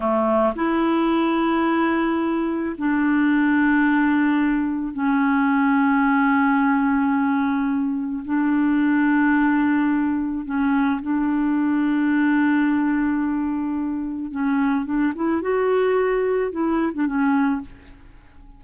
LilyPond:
\new Staff \with { instrumentName = "clarinet" } { \time 4/4 \tempo 4 = 109 a4 e'2.~ | e'4 d'2.~ | d'4 cis'2.~ | cis'2. d'4~ |
d'2. cis'4 | d'1~ | d'2 cis'4 d'8 e'8 | fis'2 e'8. d'16 cis'4 | }